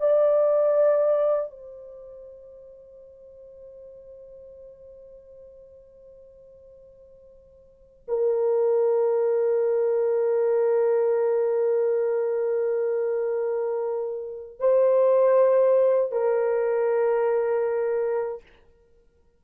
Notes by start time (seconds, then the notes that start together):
0.00 D5
1.51 C5
8.08 A#4
14.60 C5
16.12 A#4